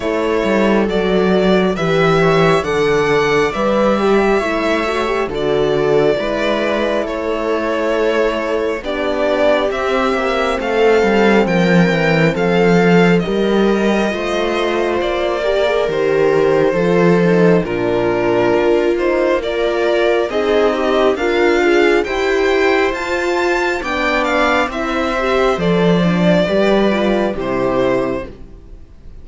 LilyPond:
<<
  \new Staff \with { instrumentName = "violin" } { \time 4/4 \tempo 4 = 68 cis''4 d''4 e''4 fis''4 | e''2 d''2 | cis''2 d''4 e''4 | f''4 g''4 f''4 dis''4~ |
dis''4 d''4 c''2 | ais'4. c''8 d''4 dis''4 | f''4 g''4 a''4 g''8 f''8 | e''4 d''2 c''4 | }
  \new Staff \with { instrumentName = "viola" } { \time 4/4 a'2 b'8 cis''8 d''4~ | d''4 cis''4 a'4 b'4 | a'2 g'2 | a'4 ais'4 a'4 ais'4 |
c''4. ais'4. a'4 | f'2 ais'4 gis'8 g'8 | f'4 c''2 d''4 | c''2 b'4 g'4 | }
  \new Staff \with { instrumentName = "horn" } { \time 4/4 e'4 fis'4 g'4 a'4 | b'8 g'8 e'8 fis'16 g'16 fis'4 e'4~ | e'2 d'4 c'4~ | c'2. g'4 |
f'4. g'16 gis'16 g'4 f'8 dis'8 | d'4. dis'8 f'4 dis'4 | ais'8 gis'8 g'4 f'4 d'4 | e'8 g'8 a'8 d'8 g'8 f'8 e'4 | }
  \new Staff \with { instrumentName = "cello" } { \time 4/4 a8 g8 fis4 e4 d4 | g4 a4 d4 gis4 | a2 b4 c'8 ais8 | a8 g8 f8 e8 f4 g4 |
a4 ais4 dis4 f4 | ais,4 ais2 c'4 | d'4 e'4 f'4 b4 | c'4 f4 g4 c4 | }
>>